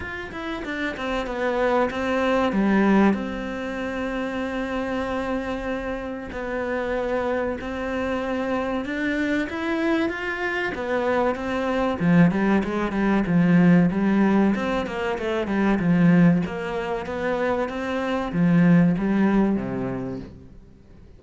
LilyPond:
\new Staff \with { instrumentName = "cello" } { \time 4/4 \tempo 4 = 95 f'8 e'8 d'8 c'8 b4 c'4 | g4 c'2.~ | c'2 b2 | c'2 d'4 e'4 |
f'4 b4 c'4 f8 g8 | gis8 g8 f4 g4 c'8 ais8 | a8 g8 f4 ais4 b4 | c'4 f4 g4 c4 | }